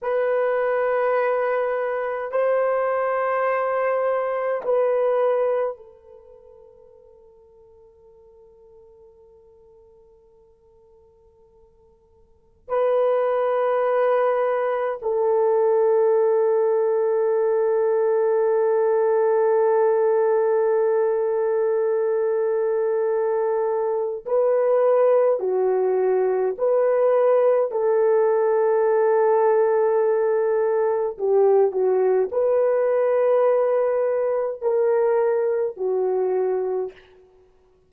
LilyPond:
\new Staff \with { instrumentName = "horn" } { \time 4/4 \tempo 4 = 52 b'2 c''2 | b'4 a'2.~ | a'2. b'4~ | b'4 a'2.~ |
a'1~ | a'4 b'4 fis'4 b'4 | a'2. g'8 fis'8 | b'2 ais'4 fis'4 | }